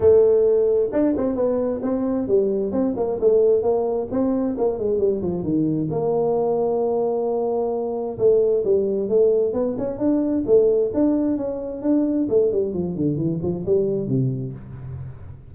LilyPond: \new Staff \with { instrumentName = "tuba" } { \time 4/4 \tempo 4 = 132 a2 d'8 c'8 b4 | c'4 g4 c'8 ais8 a4 | ais4 c'4 ais8 gis8 g8 f8 | dis4 ais2.~ |
ais2 a4 g4 | a4 b8 cis'8 d'4 a4 | d'4 cis'4 d'4 a8 g8 | f8 d8 e8 f8 g4 c4 | }